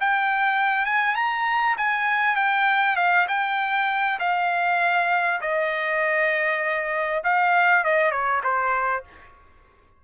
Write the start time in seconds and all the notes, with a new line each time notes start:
0.00 G5
0.85 G#5
1.15 A#5
1.77 G#5
2.36 G5
2.96 F5
3.28 G5
4.19 F5
5.41 D#5
7.23 F5
7.84 D#5
8.11 C#5
8.43 C5